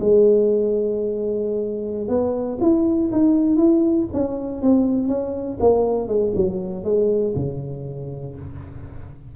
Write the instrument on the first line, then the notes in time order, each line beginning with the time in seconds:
tuba
0.00 G#3
2.08 B3
2.61 E4
3.12 D#4
3.56 E4
4.13 C#4
4.62 C4
5.08 C#4
5.60 A#3
6.08 G#3
6.36 F#3
6.84 G#3
7.36 C#3